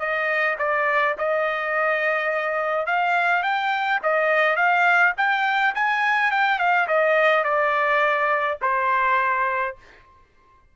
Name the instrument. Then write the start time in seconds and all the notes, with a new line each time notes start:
trumpet
0.00 D#5
0.59 D5
1.18 D#5
2.87 F5
3.43 G5
4.03 D#5
4.57 F5
5.18 G5
5.76 G#5
6.32 G5
6.59 F5
6.88 D#5
7.44 D5
8.62 C5